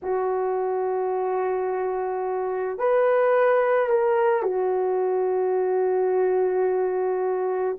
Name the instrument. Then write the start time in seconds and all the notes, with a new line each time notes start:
horn
0.02 F#4
2.78 B4
3.89 A#4
4.42 F#4